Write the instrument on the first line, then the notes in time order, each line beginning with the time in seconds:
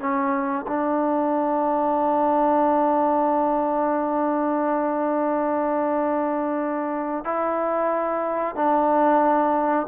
trombone
0.00 C#4
0.67 D4
7.25 E4
8.56 D4